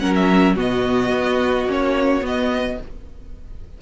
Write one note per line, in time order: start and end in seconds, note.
0.00 0.57 F#3
0.00 0.56 C#4
0.00 0.56 A#4
0.00 0.14 F#5
0.15 0.57 E5
0.56 1.11 B2
0.56 1.68 B3
0.56 2.78 F#4
0.56 1.71 D#5
1.11 1.66 B3
1.66 2.22 A#3
1.66 2.22 C#4
1.66 2.26 C#5
2.22 2.77 B3
2.22 2.78 B3
2.22 2.82 D#5